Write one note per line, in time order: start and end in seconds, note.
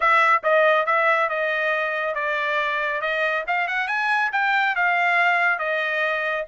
0.00 0.42 E5
0.43 0.86 D#5
0.86 1.29 E5
1.29 2.14 D#5
2.14 3.01 D5
3.01 3.44 D#5
3.47 3.67 F5
3.67 3.87 F#5
3.87 4.30 G#5
4.32 4.75 G5
4.75 5.58 F5
5.58 6.45 D#5